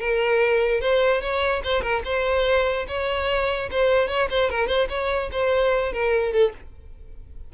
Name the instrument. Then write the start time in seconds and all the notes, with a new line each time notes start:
violin
0.00 A#4
0.81 C5
1.22 C#5
1.64 C5
1.82 A#4
2.05 C5
2.88 C#5
3.71 C5
4.08 C#5
4.30 C5
4.50 A#4
4.68 C5
4.89 C#5
5.32 C5
5.93 A#4
6.33 A4